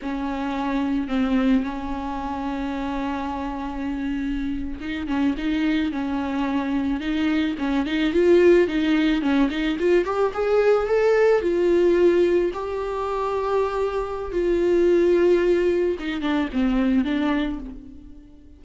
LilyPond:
\new Staff \with { instrumentName = "viola" } { \time 4/4 \tempo 4 = 109 cis'2 c'4 cis'4~ | cis'1~ | cis'8. dis'8 cis'8 dis'4 cis'4~ cis'16~ | cis'8. dis'4 cis'8 dis'8 f'4 dis'16~ |
dis'8. cis'8 dis'8 f'8 g'8 gis'4 a'16~ | a'8. f'2 g'4~ g'16~ | g'2 f'2~ | f'4 dis'8 d'8 c'4 d'4 | }